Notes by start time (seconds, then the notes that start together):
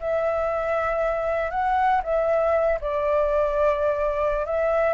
0.00 E5
1.51 F#5
2.03 E5
2.81 D5
4.46 E5